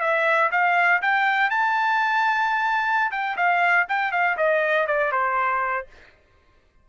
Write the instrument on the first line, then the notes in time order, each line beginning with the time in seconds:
trumpet
0.00 E5
0.51 F5
1.02 G5
1.50 A5
3.11 G5
3.36 F5
3.89 G5
4.12 F5
4.37 D#5
4.87 D5
5.12 C5